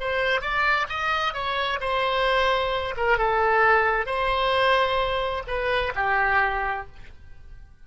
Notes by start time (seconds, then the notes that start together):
0.00 C5
0.41 D5
0.89 D#5
1.34 C#5
1.80 C5
2.97 A#4
3.18 A4
4.06 C5
5.47 B4
5.95 G4